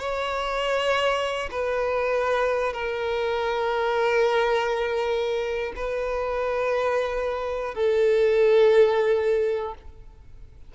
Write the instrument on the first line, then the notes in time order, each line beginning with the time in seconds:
violin
0.00 C#5
1.51 B4
2.74 A#4
5.76 B4
7.75 A4